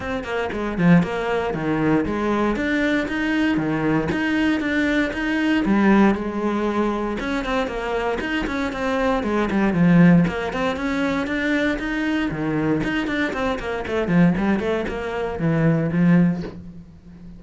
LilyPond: \new Staff \with { instrumentName = "cello" } { \time 4/4 \tempo 4 = 117 c'8 ais8 gis8 f8 ais4 dis4 | gis4 d'4 dis'4 dis4 | dis'4 d'4 dis'4 g4 | gis2 cis'8 c'8 ais4 |
dis'8 cis'8 c'4 gis8 g8 f4 | ais8 c'8 cis'4 d'4 dis'4 | dis4 dis'8 d'8 c'8 ais8 a8 f8 | g8 a8 ais4 e4 f4 | }